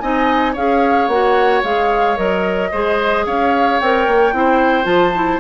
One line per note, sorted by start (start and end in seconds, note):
0.00 0.57 C4
0.00 0.56 D#4
0.00 0.53 D#5
0.00 0.54 G#5
0.53 1.08 C#4
0.53 1.11 G#4
0.53 2.69 C#5
0.53 1.08 F5
1.08 1.62 A#3
1.08 1.64 F#4
1.08 1.62 F#5
1.64 2.18 G#3
1.64 2.17 G#4
1.64 2.18 F5
2.17 2.72 F#3
2.17 2.71 A#4
2.17 3.26 D#5
2.72 3.26 G#3
2.72 3.82 G#4
2.72 3.26 C5
3.26 3.80 C#4
3.26 4.35 C#5
3.26 3.80 F5
3.80 4.07 C4
3.80 4.34 A#4
3.80 4.86 G5
4.07 4.33 A#3
4.33 4.86 C4
4.33 4.84 E4
4.33 5.40 C5
4.84 5.40 F3
4.84 5.11 F4
4.84 5.40 A5
5.15 5.40 E4